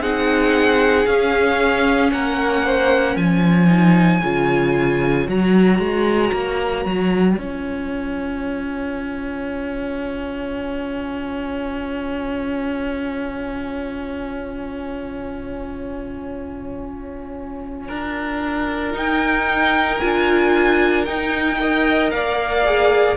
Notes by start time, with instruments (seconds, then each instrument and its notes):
0.00 cello C4, viola D#4, violin G#4 F#5
1.06 cello C#4, viola C#4, violin F5
2.11 cello A#3, violin A#4 F#5
2.65 violin C5
3.16 cello F3, violin C#5 G#5
3.67 viola D#4
4.23 cello C#3, viola F4
5.26 cello F#3, viola F#4, violin A#5
5.78 cello G#3
6.32 cello A#3
6.85 cello F#3
7.36 cello C#4, viola F4, violin G#5
17.88 cello D4, violin A#4
18.93 viola D#4, cello D#4, violin G5
19.99 cello D4, viola F4, violin G#5
21.05 viola D#4, cello D#4, violin G5
21.59 viola A#4, violin D#5
22.10 cello A#3, violin D5 F5
22.64 viola G#4